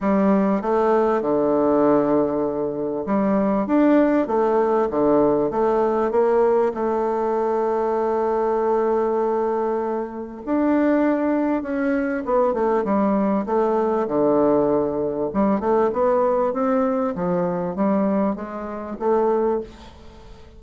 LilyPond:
\new Staff \with { instrumentName = "bassoon" } { \time 4/4 \tempo 4 = 98 g4 a4 d2~ | d4 g4 d'4 a4 | d4 a4 ais4 a4~ | a1~ |
a4 d'2 cis'4 | b8 a8 g4 a4 d4~ | d4 g8 a8 b4 c'4 | f4 g4 gis4 a4 | }